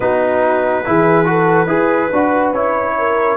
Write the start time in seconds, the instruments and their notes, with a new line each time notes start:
0.00 tuba B3, trombone D#4, horn F#4, trumpet B4
0.84 tuba E3, trombone E4, horn G#4
1.24 trombone F#4, horn A4
1.66 tuba E4, trombone G#4, horn B4
2.12 tuba D4, trombone F#4
2.52 tuba C#4, trombone E4, trumpet C#5
2.98 horn A#4